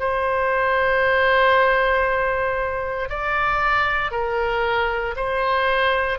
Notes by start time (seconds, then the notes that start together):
0.00 C5
3.09 D5
4.11 A#4
5.16 C5